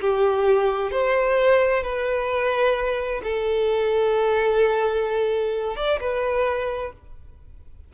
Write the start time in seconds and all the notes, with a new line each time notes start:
0.00 G4
0.91 C5
1.83 B4
3.23 A4
5.76 D5
6.00 B4